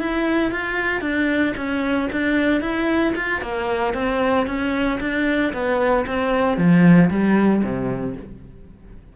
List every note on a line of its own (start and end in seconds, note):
0.00 0.51 E4
0.51 1.01 F4
1.01 1.54 D4
1.57 2.09 C#4
2.12 2.61 D4
2.61 3.14 E4
3.16 3.42 F4
3.42 3.94 A#3
3.94 4.47 C4
4.47 5.00 C#4
5.00 5.53 D4
5.53 6.06 B3
6.07 6.57 C4
6.57 7.10 F3
7.10 7.63 G3
7.64 8.16 C3